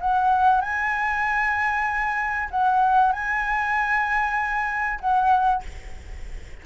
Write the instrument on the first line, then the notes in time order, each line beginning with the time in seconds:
flute
0.00 F#5
0.61 G#5
2.51 F#5
3.12 G#5
5.00 F#5